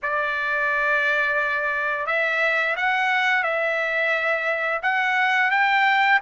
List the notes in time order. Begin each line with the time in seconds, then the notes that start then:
0.02 D5
2.06 E5
2.76 F#5
3.43 E5
4.82 F#5
5.50 G5